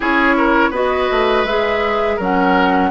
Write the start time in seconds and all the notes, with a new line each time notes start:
0.00 C#4 E4 G#4 C#5
0.37 A#4
0.70 B3 F#4 B4 D#5
1.11 A3
1.43 G#3 G#4 E5
2.16 F#3 C#4 A#4
2.22 F#5